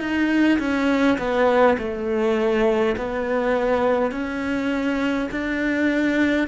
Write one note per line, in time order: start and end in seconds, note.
0.00 0.59 D#4
0.59 1.18 C#4
1.18 1.77 B3
1.79 2.96 A3
2.97 4.12 B3
4.12 5.29 C#4
5.32 6.48 D4